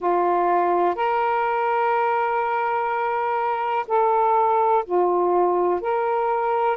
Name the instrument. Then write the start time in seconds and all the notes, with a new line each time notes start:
saxophone
0.00 F4
0.95 A#4
3.87 A4
4.85 F4
5.80 A#4